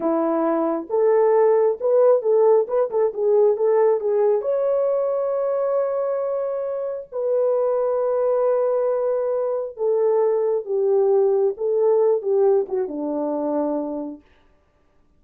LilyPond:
\new Staff \with { instrumentName = "horn" } { \time 4/4 \tempo 4 = 135 e'2 a'2 | b'4 a'4 b'8 a'8 gis'4 | a'4 gis'4 cis''2~ | cis''1 |
b'1~ | b'2 a'2 | g'2 a'4. g'8~ | g'8 fis'8 d'2. | }